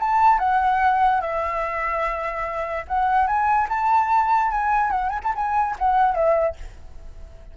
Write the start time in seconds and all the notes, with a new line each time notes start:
0.00 A5
0.39 F#5
1.21 E5
2.88 F#5
3.27 G#5
3.69 A5
4.51 G#5
4.91 F#5
5.10 G#5
5.23 A5
5.35 G#5
5.79 F#5
6.15 E5